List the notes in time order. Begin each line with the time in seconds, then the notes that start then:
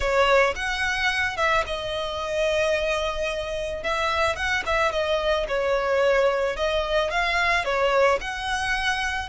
0.00 C#5
0.55 F#5
1.36 E5
1.66 D#5
3.83 E5
4.36 F#5
4.66 E5
4.92 D#5
5.48 C#5
6.56 D#5
7.11 F5
7.64 C#5
8.20 F#5